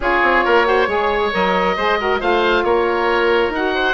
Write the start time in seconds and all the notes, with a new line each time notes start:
0.00 C#4 F4 G#4 C#5
0.23 C4
0.44 A#3 A#4
0.64 F#4 C5
0.87 G#3 G#4 C#5
1.32 F#3 A#4 D#5
1.76 G#3 G#4 C5
1.98 F#4 A#4
2.19 A3 F4 C5 F5
2.63 A#3 A#4 C#5
3.49 D#4 F#4 F#5
3.74 C5